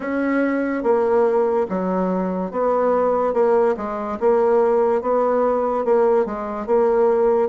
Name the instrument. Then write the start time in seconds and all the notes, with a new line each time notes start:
bassoon
0.00 C#4
0.83 A#3
1.69 F#3
2.51 B3
3.33 A#3
3.77 G#3
4.20 A#3
5.01 B3
5.84 A#3
6.25 G#3
6.66 A#3